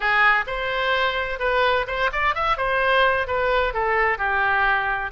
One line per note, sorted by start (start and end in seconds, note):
0.00 0.44 G#4
0.46 1.39 C5
1.39 1.85 B4
1.87 2.10 C5
2.12 2.34 D5
2.34 2.57 E5
2.57 3.27 C5
3.27 3.73 B4
3.73 4.18 A4
4.18 5.11 G4